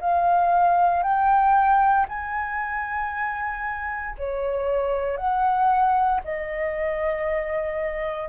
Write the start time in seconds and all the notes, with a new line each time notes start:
0.00 F5
1.03 G5
2.08 G#5
4.18 C#5
5.17 F#5
6.24 D#5